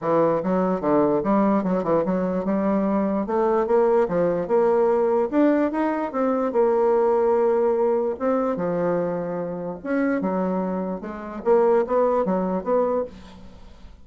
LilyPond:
\new Staff \with { instrumentName = "bassoon" } { \time 4/4 \tempo 4 = 147 e4 fis4 d4 g4 | fis8 e8 fis4 g2 | a4 ais4 f4 ais4~ | ais4 d'4 dis'4 c'4 |
ais1 | c'4 f2. | cis'4 fis2 gis4 | ais4 b4 fis4 b4 | }